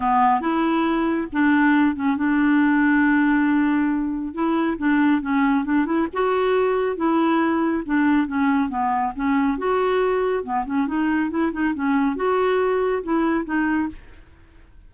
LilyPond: \new Staff \with { instrumentName = "clarinet" } { \time 4/4 \tempo 4 = 138 b4 e'2 d'4~ | d'8 cis'8 d'2.~ | d'2 e'4 d'4 | cis'4 d'8 e'8 fis'2 |
e'2 d'4 cis'4 | b4 cis'4 fis'2 | b8 cis'8 dis'4 e'8 dis'8 cis'4 | fis'2 e'4 dis'4 | }